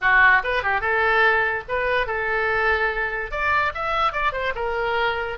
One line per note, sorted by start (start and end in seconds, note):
0.01 0.42 F#4
0.43 0.62 B4
0.62 0.81 G4
0.81 1.63 A4
1.68 2.07 B4
2.07 3.31 A4
3.31 3.72 D5
3.74 4.12 E5
4.12 4.32 D5
4.32 4.53 C5
4.55 5.38 A#4